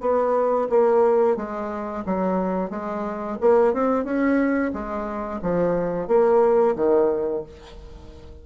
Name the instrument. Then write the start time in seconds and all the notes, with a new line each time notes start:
bassoon
0.00 B3
0.69 A#3
1.36 G#3
2.05 F#3
2.70 G#3
3.40 A#3
3.73 C4
4.04 C#4
4.73 G#3
5.42 F3
6.07 A#3
6.75 D#3